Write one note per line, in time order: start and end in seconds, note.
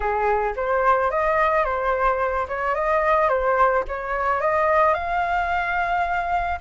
0.00 0.54 G#4
0.56 1.10 C5
1.10 1.64 D#5
1.64 2.46 C5
2.48 2.74 C#5
2.74 3.28 D#5
3.28 3.83 C5
3.88 4.41 C#5
4.41 4.94 D#5
4.94 6.59 F5